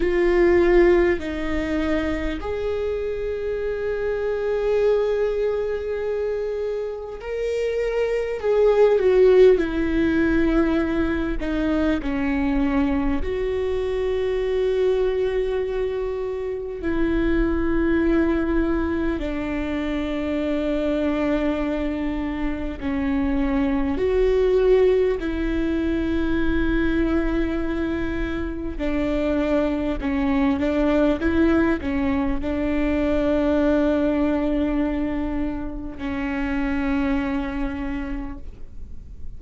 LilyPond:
\new Staff \with { instrumentName = "viola" } { \time 4/4 \tempo 4 = 50 f'4 dis'4 gis'2~ | gis'2 ais'4 gis'8 fis'8 | e'4. dis'8 cis'4 fis'4~ | fis'2 e'2 |
d'2. cis'4 | fis'4 e'2. | d'4 cis'8 d'8 e'8 cis'8 d'4~ | d'2 cis'2 | }